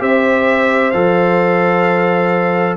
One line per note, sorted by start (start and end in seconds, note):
0.00 0.94 C4
0.00 0.92 G4
0.00 2.78 C5
0.00 0.91 E5
0.91 2.78 F3
0.91 2.78 A4
0.91 2.76 F5